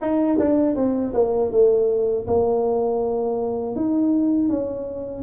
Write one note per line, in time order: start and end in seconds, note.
0.01 0.38 D#4
0.39 0.75 D4
0.75 1.12 C4
1.14 1.51 A#3
1.51 2.26 A3
2.27 3.75 A#3
3.75 4.49 D#4
4.49 5.22 C#4